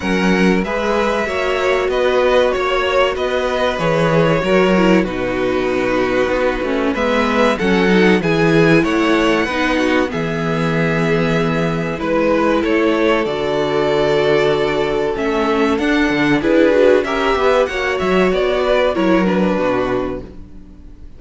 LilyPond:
<<
  \new Staff \with { instrumentName = "violin" } { \time 4/4 \tempo 4 = 95 fis''4 e''2 dis''4 | cis''4 dis''4 cis''2 | b'2. e''4 | fis''4 gis''4 fis''2 |
e''2. b'4 | cis''4 d''2. | e''4 fis''4 b'4 e''4 | fis''8 e''8 d''4 cis''8 b'4. | }
  \new Staff \with { instrumentName = "violin" } { \time 4/4 ais'4 b'4 cis''4 b'4 | cis''4 b'2 ais'4 | fis'2. b'4 | a'4 gis'4 cis''4 b'8 fis'8 |
gis'2. b'4 | a'1~ | a'2 gis'4 ais'8 b'8 | cis''4. b'8 ais'4 fis'4 | }
  \new Staff \with { instrumentName = "viola" } { \time 4/4 cis'4 gis'4 fis'2~ | fis'2 gis'4 fis'8 e'8 | dis'2~ dis'8 cis'8 b4 | cis'8 dis'8 e'2 dis'4 |
b2. e'4~ | e'4 fis'2. | cis'4 d'4 e'8 fis'8 g'4 | fis'2 e'8 d'4. | }
  \new Staff \with { instrumentName = "cello" } { \time 4/4 fis4 gis4 ais4 b4 | ais4 b4 e4 fis4 | b,2 b8 a8 gis4 | fis4 e4 a4 b4 |
e2. gis4 | a4 d2. | a4 d'8 d8 d'4 cis'8 b8 | ais8 fis8 b4 fis4 b,4 | }
>>